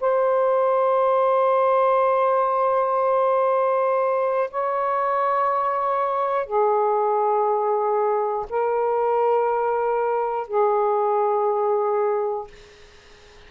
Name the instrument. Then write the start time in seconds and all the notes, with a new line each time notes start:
saxophone
0.00 C5
4.51 C#5
6.45 G#4
8.49 A#4
10.47 G#4